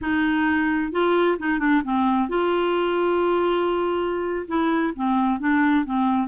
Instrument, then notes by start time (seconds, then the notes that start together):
clarinet
0.01 D#4
0.91 F4
1.38 D#4
1.59 D4
1.84 C4
2.28 F4
4.47 E4
4.95 C4
5.39 D4
5.85 C4